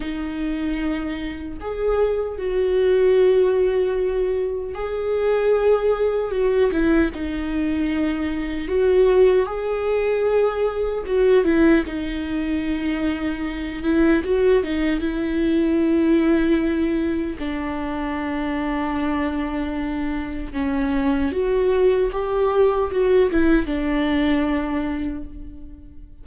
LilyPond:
\new Staff \with { instrumentName = "viola" } { \time 4/4 \tempo 4 = 76 dis'2 gis'4 fis'4~ | fis'2 gis'2 | fis'8 e'8 dis'2 fis'4 | gis'2 fis'8 e'8 dis'4~ |
dis'4. e'8 fis'8 dis'8 e'4~ | e'2 d'2~ | d'2 cis'4 fis'4 | g'4 fis'8 e'8 d'2 | }